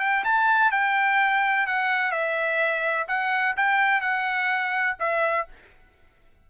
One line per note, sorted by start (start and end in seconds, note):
0.00 0.24 G5
0.24 0.71 A5
0.71 1.66 G5
1.67 2.11 F#5
2.11 3.07 E5
3.08 3.55 F#5
3.57 4.01 G5
4.01 4.96 F#5
5.00 5.47 E5